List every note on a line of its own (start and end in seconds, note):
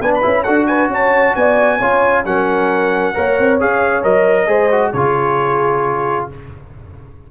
0.00 0.22 B3
0.00 0.22 D4
0.00 0.44 B4
0.00 0.12 G#5
0.14 0.43 B5
0.22 0.47 C#4
0.22 0.44 E4
0.43 0.88 D4
0.43 1.80 F#4
0.43 0.66 A4
0.43 0.66 F#5
0.66 0.91 B4
0.66 0.89 G#5
0.88 1.33 C#4
0.88 1.36 C#5
0.88 1.35 A5
1.35 1.80 B3
1.35 1.79 D5
1.35 2.25 G#5
1.79 2.24 C#4
1.79 2.24 F4
1.79 2.24 C#5
2.24 3.14 F#3
2.24 3.14 C#4
2.24 3.15 A#4
2.24 3.60 F#5
3.14 3.39 A#3
3.14 3.59 A#4
3.14 4.48 C#5
3.39 3.61 C4
3.60 4.04 C#4
3.60 4.03 G#4
3.60 4.03 F5
4.03 4.48 F#3
4.03 4.47 A#4
4.03 4.92 D#5
4.47 4.92 G#3
4.47 4.69 G#4
4.47 4.93 C5
4.71 4.94 F#4
4.92 6.28 C#3
4.92 6.31 F4
4.92 6.28 G#4
4.92 6.26 C#5